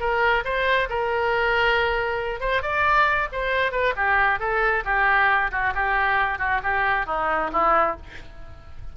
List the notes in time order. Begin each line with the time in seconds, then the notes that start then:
0.00 A#4
0.45 C5
0.90 A#4
2.40 C5
2.62 D5
3.32 C5
3.72 B4
3.96 G4
4.40 A4
4.85 G4
5.51 F#4
5.75 G4
6.39 F#4
6.63 G4
7.06 D#4
7.53 E4